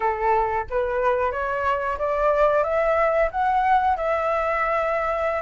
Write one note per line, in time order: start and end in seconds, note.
0.00 0.65 A4
0.70 1.31 B4
1.31 1.97 C#5
1.98 2.63 D5
2.63 3.29 E5
3.31 3.96 F#5
3.96 5.42 E5